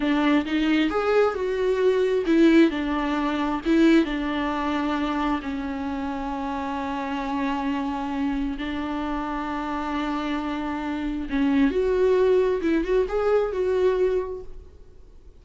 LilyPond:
\new Staff \with { instrumentName = "viola" } { \time 4/4 \tempo 4 = 133 d'4 dis'4 gis'4 fis'4~ | fis'4 e'4 d'2 | e'4 d'2. | cis'1~ |
cis'2. d'4~ | d'1~ | d'4 cis'4 fis'2 | e'8 fis'8 gis'4 fis'2 | }